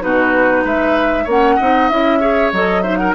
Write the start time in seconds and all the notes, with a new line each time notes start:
0.00 B2 D#4 F#4 B4
0.64 G#3 B4 E5
1.24 A#3 C#4 C#5 F#5
1.56 C4 D#4 D#5
1.89 C#4 E4 E5
2.20 G#4 C#5
2.52 F#3 A4 D#5
2.82 D#4 C5 E5
2.97 A#4 F#5